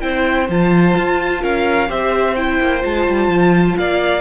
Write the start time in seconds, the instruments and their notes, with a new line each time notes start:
0.00 cello C4, viola E4, violin C5 G5
0.49 cello F3, viola F4, violin A5
0.97 cello F4
1.42 cello C#4, violin A#4 F5
1.88 cello C4, viola G4, violin C5 E5
2.36 viola E4, violin G5
2.60 cello A#3
2.81 cello G#3, viola F4, violin A5
3.09 cello G3
3.28 cello F3
3.77 cello A#3, violin D5 F5